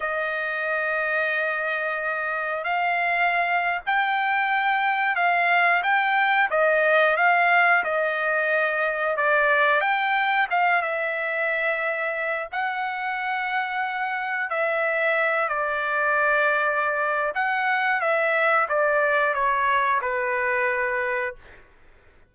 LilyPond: \new Staff \with { instrumentName = "trumpet" } { \time 4/4 \tempo 4 = 90 dis''1 | f''4.~ f''16 g''2 f''16~ | f''8. g''4 dis''4 f''4 dis''16~ | dis''4.~ dis''16 d''4 g''4 f''16~ |
f''16 e''2~ e''8 fis''4~ fis''16~ | fis''4.~ fis''16 e''4. d''8.~ | d''2 fis''4 e''4 | d''4 cis''4 b'2 | }